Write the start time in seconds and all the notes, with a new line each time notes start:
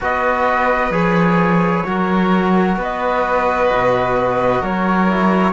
0.01 B3 F#4 B4 D#5
0.90 F3 G#4 C#5
1.84 F#3 F#4 A#4
2.76 B3 B4 D#5
3.72 B2
4.61 F#3 A#4 C#5
5.07 E4